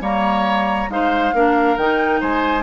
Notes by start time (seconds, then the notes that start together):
0.00 G3 A#3 C#5 A#5
0.89 G#3 D#4 C5 F5
1.33 A#3 D4 A#4
1.77 D#3 D#4 G5
2.20 G#3 C5 G#5